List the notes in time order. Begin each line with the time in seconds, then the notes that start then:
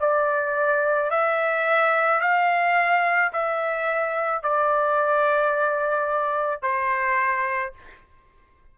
0.00 D5
1.10 E5
2.20 F5
3.32 E5
4.42 D5
6.62 C5